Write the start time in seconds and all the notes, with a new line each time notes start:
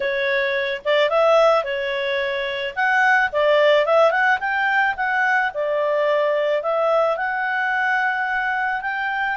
0.00 C#5
0.85 D5
1.09 E5
1.63 C#5
2.75 F#5
3.32 D5
3.85 E5
4.11 F#5
4.39 G5
4.96 F#5
5.53 D5
6.62 E5
7.16 F#5
8.81 G5